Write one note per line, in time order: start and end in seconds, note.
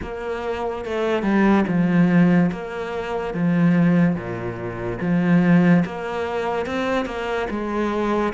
0.02 0.84 A#3
0.84 1.22 A3
1.22 1.64 G3
1.67 2.50 F3
2.52 3.34 A#3
3.34 4.15 F3
4.15 4.98 A#2
5.00 5.84 F3
5.85 6.66 A#3
6.66 7.05 C4
7.05 7.47 A#3
7.50 8.33 G#3